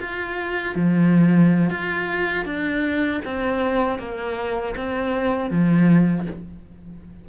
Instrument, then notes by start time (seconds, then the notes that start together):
cello
0.00 F4
0.76 F3
1.70 F4
2.45 D4
3.25 C4
3.99 A#3
4.76 C4
5.51 F3